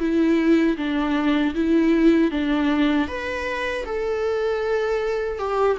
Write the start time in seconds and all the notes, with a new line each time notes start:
0.00 E4
0.77 D4
1.55 E4
2.31 D4
3.08 B4
3.85 A4
5.39 G4